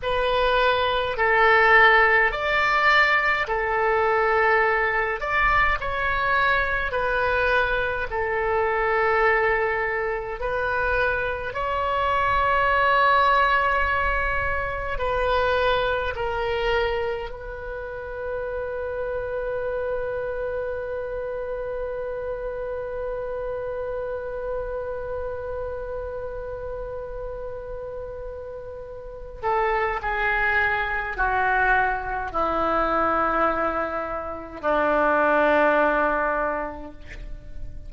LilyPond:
\new Staff \with { instrumentName = "oboe" } { \time 4/4 \tempo 4 = 52 b'4 a'4 d''4 a'4~ | a'8 d''8 cis''4 b'4 a'4~ | a'4 b'4 cis''2~ | cis''4 b'4 ais'4 b'4~ |
b'1~ | b'1~ | b'4. a'8 gis'4 fis'4 | e'2 d'2 | }